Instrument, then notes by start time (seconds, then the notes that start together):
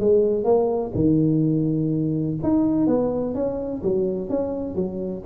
tuba
0.00 G#3
0.44 A#3
0.95 D#3
2.43 D#4
2.87 B3
3.35 C#4
3.83 F#3
4.30 C#4
4.75 F#3